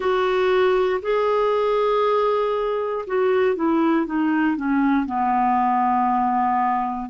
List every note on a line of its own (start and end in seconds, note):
0.00 1.00 F#4
1.02 3.05 G#4
3.06 3.55 F#4
3.55 4.05 E4
4.05 4.56 D#4
4.56 5.06 C#4
5.06 7.09 B3